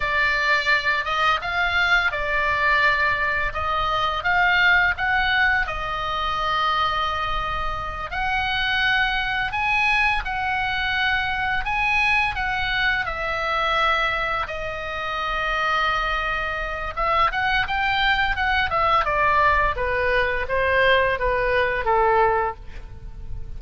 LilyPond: \new Staff \with { instrumentName = "oboe" } { \time 4/4 \tempo 4 = 85 d''4. dis''8 f''4 d''4~ | d''4 dis''4 f''4 fis''4 | dis''2.~ dis''8 fis''8~ | fis''4. gis''4 fis''4.~ |
fis''8 gis''4 fis''4 e''4.~ | e''8 dis''2.~ dis''8 | e''8 fis''8 g''4 fis''8 e''8 d''4 | b'4 c''4 b'4 a'4 | }